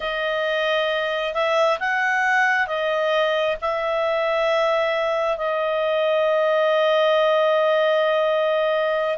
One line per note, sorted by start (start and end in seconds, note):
0.00 1.34 D#5
1.34 1.78 E5
1.79 2.67 F#5
2.67 3.56 D#5
3.61 5.37 E5
5.37 9.18 D#5